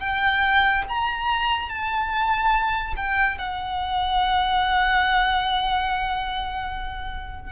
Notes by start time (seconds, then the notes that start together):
0.00 G5
0.89 A#5
1.70 A5
2.97 G5
3.38 F#5